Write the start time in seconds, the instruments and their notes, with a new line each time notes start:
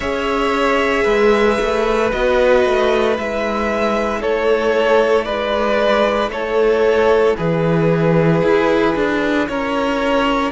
0.00 cello C#4, viola G#4, violin C#5 E5
1.03 cello G#3, violin B4
1.60 cello A3
2.12 cello B3, viola F#4, violin D#5
2.65 cello A3
3.14 cello G#3, viola E4, violin E5
4.21 cello A3, violin A4 C#5
5.24 cello G#3, violin B4 D5
6.28 cello A3, violin A4 C#5
7.37 cello E3, violin G#4 B4
8.42 cello E4
8.95 cello D4
9.48 cello C#4, violin A#4 C#5